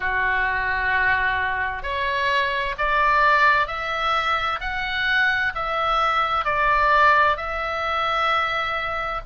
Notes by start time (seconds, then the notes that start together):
0.00 F#4
1.82 C#5
2.78 D5
3.67 E5
4.60 F#5
5.54 E5
6.44 D5
7.36 E5